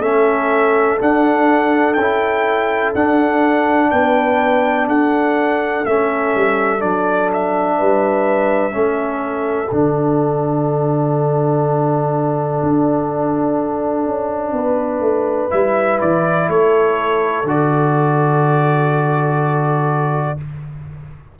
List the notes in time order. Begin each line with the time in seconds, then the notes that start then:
0.00 A3 C#4 A4 E5
1.00 D4 F#5
1.94 C#4 G5
2.01 E4
2.95 D4 F#5
3.91 B3 B4 G5
4.88 D4 A4 F#5
5.86 A3 C#4 E5
6.35 G3
6.80 F#3 D4 D5
7.33 E5
7.78 G3 B4
8.72 A3 C#4 A4
9.72 D3 D4 F#5
12.63 D4
14.07 C#4
14.53 B3 B4
15.01 A3
15.51 G3 E4 E5
16.01 E3 D5
16.49 A3 A4 C#5
17.44 D3 F#4 D5